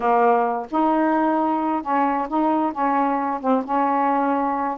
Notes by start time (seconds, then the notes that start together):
0.00 A#3
0.70 D#4
1.82 C#4
2.28 D#4
2.72 C#4
3.40 C4
3.64 C#4